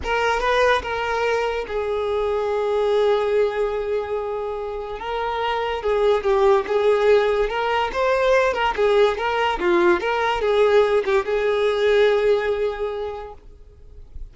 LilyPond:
\new Staff \with { instrumentName = "violin" } { \time 4/4 \tempo 4 = 144 ais'4 b'4 ais'2 | gis'1~ | gis'1 | ais'2 gis'4 g'4 |
gis'2 ais'4 c''4~ | c''8 ais'8 gis'4 ais'4 f'4 | ais'4 gis'4. g'8 gis'4~ | gis'1 | }